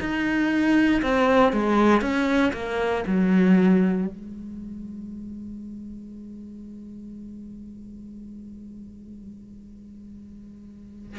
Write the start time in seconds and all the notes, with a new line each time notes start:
0.00 D#4
1.02 C4
1.53 G#3
2.01 C#4
2.53 A#3
3.06 F#3
4.08 G#3